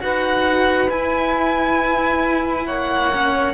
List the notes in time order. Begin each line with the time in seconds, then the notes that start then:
0.00 D#4 F#4 B4 F#5
0.90 E4 G#5
2.65 A#3 C#5 F#5
3.14 C#4